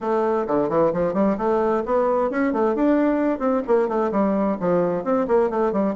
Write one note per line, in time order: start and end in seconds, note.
0.00 0.46 A3
0.47 0.69 D3
0.69 0.92 E3
0.93 1.13 F3
1.13 1.36 G3
1.37 1.83 A3
1.85 2.30 B3
2.30 2.52 C#4
2.52 2.75 A3
2.75 3.39 D4
3.39 3.62 C4
3.67 3.88 A#3
3.88 4.11 A3
4.11 4.57 G3
4.60 5.03 F3
5.03 5.26 C4
5.27 5.49 A#3
5.49 5.72 A3
5.72 5.95 G3